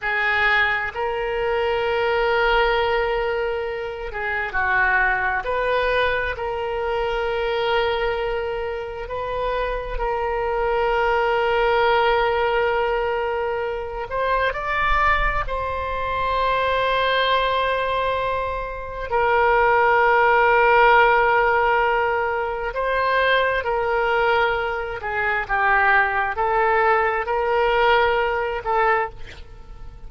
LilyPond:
\new Staff \with { instrumentName = "oboe" } { \time 4/4 \tempo 4 = 66 gis'4 ais'2.~ | ais'8 gis'8 fis'4 b'4 ais'4~ | ais'2 b'4 ais'4~ | ais'2.~ ais'8 c''8 |
d''4 c''2.~ | c''4 ais'2.~ | ais'4 c''4 ais'4. gis'8 | g'4 a'4 ais'4. a'8 | }